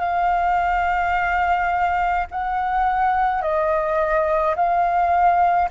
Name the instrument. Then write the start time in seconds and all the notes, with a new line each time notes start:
flute
0.00 F5
2.31 F#5
3.42 D#5
4.56 F5